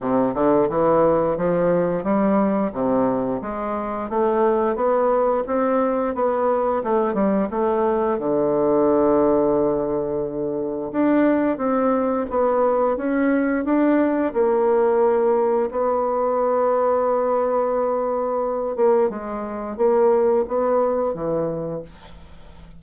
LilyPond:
\new Staff \with { instrumentName = "bassoon" } { \time 4/4 \tempo 4 = 88 c8 d8 e4 f4 g4 | c4 gis4 a4 b4 | c'4 b4 a8 g8 a4 | d1 |
d'4 c'4 b4 cis'4 | d'4 ais2 b4~ | b2.~ b8 ais8 | gis4 ais4 b4 e4 | }